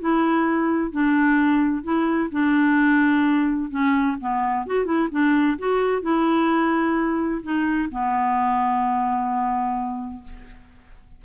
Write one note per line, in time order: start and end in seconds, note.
0.00 0.92 E4
0.92 1.83 D4
1.83 2.30 E4
2.32 3.70 D4
3.70 4.17 C#4
4.20 4.66 B3
4.66 4.85 F#4
4.85 5.08 E4
5.11 5.58 D4
5.58 6.02 F#4
6.02 7.41 E4
7.43 7.89 D#4
7.91 10.24 B3